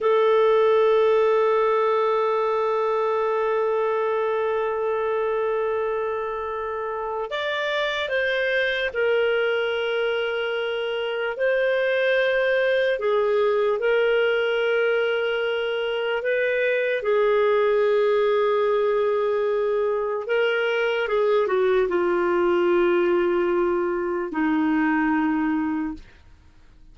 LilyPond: \new Staff \with { instrumentName = "clarinet" } { \time 4/4 \tempo 4 = 74 a'1~ | a'1~ | a'4 d''4 c''4 ais'4~ | ais'2 c''2 |
gis'4 ais'2. | b'4 gis'2.~ | gis'4 ais'4 gis'8 fis'8 f'4~ | f'2 dis'2 | }